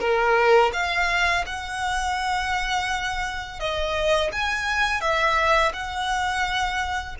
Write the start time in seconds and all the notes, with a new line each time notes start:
0.00 A#4
0.73 F5
1.46 F#5
3.60 D#5
4.32 G#5
5.01 E5
5.73 F#5